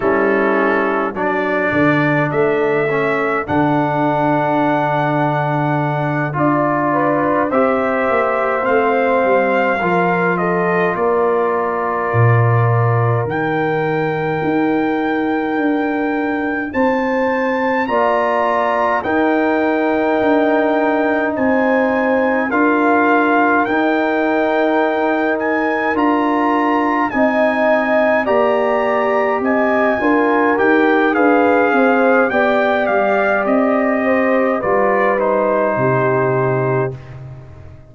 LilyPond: <<
  \new Staff \with { instrumentName = "trumpet" } { \time 4/4 \tempo 4 = 52 a'4 d''4 e''4 fis''4~ | fis''4. d''4 e''4 f''8~ | f''4 dis''8 d''2 g''8~ | g''2~ g''8 a''4 ais''8~ |
ais''8 g''2 gis''4 f''8~ | f''8 g''4. gis''8 ais''4 gis''8~ | gis''8 ais''4 gis''4 g''8 f''4 | g''8 f''8 dis''4 d''8 c''4. | }
  \new Staff \with { instrumentName = "horn" } { \time 4/4 e'4 a'2.~ | a'2 b'8 c''4.~ | c''8 ais'8 a'8 ais'2~ ais'8~ | ais'2~ ais'8 c''4 d''8~ |
d''8 ais'2 c''4 ais'8~ | ais'2.~ ais'8 dis''8~ | dis''8 d''4 dis''8 ais'4 b'8 c''8 | d''4. c''8 b'4 g'4 | }
  \new Staff \with { instrumentName = "trombone" } { \time 4/4 cis'4 d'4. cis'8 d'4~ | d'4. f'4 g'4 c'8~ | c'8 f'2. dis'8~ | dis'2.~ dis'8 f'8~ |
f'8 dis'2. f'8~ | f'8 dis'2 f'4 dis'8~ | dis'8 g'4. f'8 g'8 gis'4 | g'2 f'8 dis'4. | }
  \new Staff \with { instrumentName = "tuba" } { \time 4/4 g4 fis8 d8 a4 d4~ | d4. d'4 c'8 ais8 a8 | g8 f4 ais4 ais,4 dis8~ | dis8 dis'4 d'4 c'4 ais8~ |
ais8 dis'4 d'4 c'4 d'8~ | d'8 dis'2 d'4 c'8~ | c'8 ais4 c'8 d'8 dis'8 d'8 c'8 | b8 g8 c'4 g4 c4 | }
>>